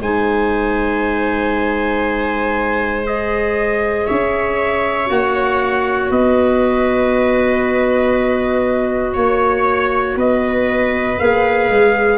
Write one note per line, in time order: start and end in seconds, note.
0.00 4.07 G#3
0.00 3.04 D#4
0.00 4.06 C5
0.00 3.06 G#5
3.04 5.06 G#4
3.04 4.06 D#5
4.06 5.09 C#4
4.06 6.10 C#5
4.06 5.08 E5
5.06 6.10 A#3
5.06 11.16 F#4
5.06 6.11 F#5
6.10 9.15 B3
6.10 9.13 B4
6.10 9.16 D#5
9.13 10.16 A#3
9.13 10.15 C#5
9.13 10.18 C#5
10.16 11.18 B3
10.16 12.18 B4
10.16 11.19 D#5
11.19 11.69 A#3
11.19 12.18 G#4
11.19 12.18 F5
11.69 12.18 G#3